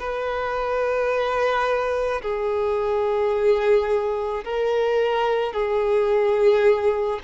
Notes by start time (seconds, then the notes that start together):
0.00 B4
2.22 G#4
4.45 A#4
5.54 G#4